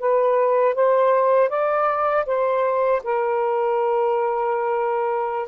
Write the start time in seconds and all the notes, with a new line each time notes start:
0.00 B4
0.75 C5
1.49 D5
2.26 C5
3.04 A#4